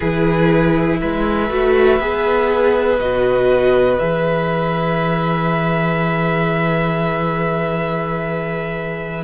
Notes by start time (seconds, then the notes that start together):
0.00 E3 E4 G#4 B4
1.00 G#3 B4 E5
1.49 A3 F#4
1.99 B3 G#4
2.99 B2 F#4 D#5
3.99 E3 G#4 E5